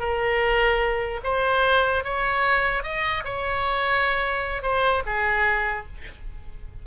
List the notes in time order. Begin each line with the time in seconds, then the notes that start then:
0.00 A#4
1.24 C5
2.04 C#5
2.84 D#5
3.25 C#5
4.63 C5
5.06 G#4